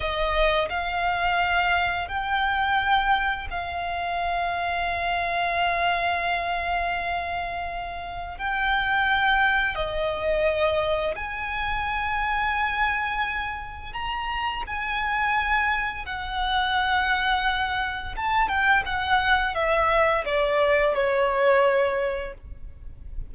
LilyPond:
\new Staff \with { instrumentName = "violin" } { \time 4/4 \tempo 4 = 86 dis''4 f''2 g''4~ | g''4 f''2.~ | f''1 | g''2 dis''2 |
gis''1 | ais''4 gis''2 fis''4~ | fis''2 a''8 g''8 fis''4 | e''4 d''4 cis''2 | }